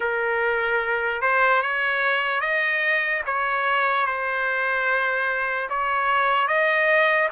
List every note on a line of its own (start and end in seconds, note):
0.00 1.21 A#4
1.21 1.61 C5
1.61 2.40 C#5
2.40 3.21 D#5
3.25 4.06 C#5
4.06 5.68 C5
5.69 6.47 C#5
6.47 7.28 D#5